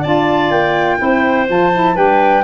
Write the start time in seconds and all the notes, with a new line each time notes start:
0.00 D4 F4 D5 A5
0.51 A#3 G5
0.98 C4 E4 C5
1.48 F3 F4 A5
1.72 E4
1.95 G3 D4 B4 G5